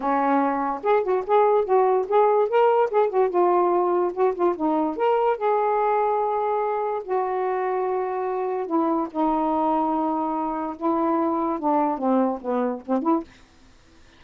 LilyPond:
\new Staff \with { instrumentName = "saxophone" } { \time 4/4 \tempo 4 = 145 cis'2 gis'8 fis'8 gis'4 | fis'4 gis'4 ais'4 gis'8 fis'8 | f'2 fis'8 f'8 dis'4 | ais'4 gis'2.~ |
gis'4 fis'2.~ | fis'4 e'4 dis'2~ | dis'2 e'2 | d'4 c'4 b4 c'8 e'8 | }